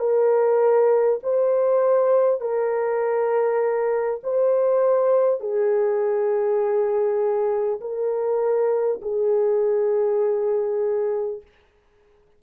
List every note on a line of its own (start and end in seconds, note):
0.00 1.20 A#4
1.24 2.41 C5
2.41 4.21 A#4
4.24 5.41 C5
5.41 7.81 G#4
7.81 9.01 A#4
9.02 11.42 G#4